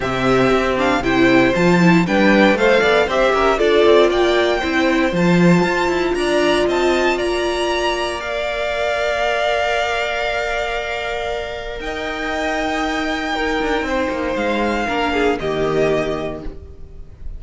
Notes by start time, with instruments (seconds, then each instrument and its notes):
0.00 cello C3, viola C4, violin G4 E5
0.50 cello C4
0.77 viola D4, violin F5
1.00 cello C3, viola E4, violin C5 G5
1.54 cello F3, viola F4, violin A5
1.80 viola E4
2.06 cello G3, viola D4, violin B4 G5
2.53 cello A3, viola A4, violin C5 F5
2.80 cello B3, violin D5
3.06 cello C4, viola G4, violin C5 E5
3.33 cello C#4, violin A#4
3.57 cello D4, viola F4, violin A4 D5
3.85 cello C4
4.09 cello A#3, violin D5 G5
4.58 cello C4, viola E4, violin C5
5.11 cello F3, viola F4, violin A5
5.63 cello F4
5.88 cello E4
6.14 cello D4, violin D5 A#5
6.67 cello C4, violin D#5 A5
7.17 cello A#3, violin D5 A#5
8.20 viola A#4, violin F5
11.79 cello D#4, violin D#5 G5
13.35 viola D#4, violin A#4
13.61 cello D4
13.81 cello C4, violin C5
14.09 cello A#3
14.35 cello G#3, violin F5
14.86 cello A#3, viola D4, violin A#4
15.13 violin G#4
15.38 cello D#3, viola A#3, violin G4 D#5